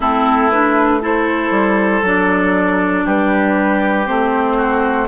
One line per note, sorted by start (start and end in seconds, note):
0.00 1.50 A3
0.00 0.51 C4
0.00 0.99 E4
0.00 0.50 A4
0.50 1.00 D4
0.50 1.01 B4
1.00 2.02 E4
1.00 3.05 A4
1.00 2.06 C5
1.50 2.01 G3
2.02 3.03 F#3
2.02 4.06 D4
2.02 3.07 D5
3.05 4.07 G3
3.05 4.57 G4
3.05 4.06 B4
4.06 5.08 A3
4.06 5.07 C4
4.06 5.08 C5
4.57 5.07 F#4